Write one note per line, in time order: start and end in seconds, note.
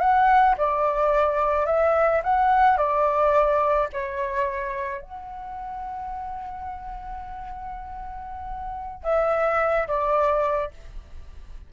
0.00 0.56 F#5
0.58 1.66 D5
1.66 2.22 E5
2.24 2.77 F#5
2.77 3.89 D5
3.93 5.02 C#5
5.02 9.04 F#5
9.04 9.87 E5
9.88 10.71 D5